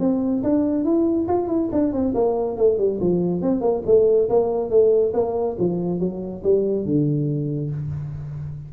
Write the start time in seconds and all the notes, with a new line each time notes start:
0.00 C4
0.43 D4
0.84 E4
1.28 F4
1.48 E4
1.72 D4
1.93 C4
2.15 A#3
2.57 A3
2.78 G3
3.01 F3
3.42 C4
3.61 A#3
3.86 A3
4.29 A#3
4.70 A3
5.14 A#3
5.59 F3
6.00 F#3
6.44 G3
6.85 D3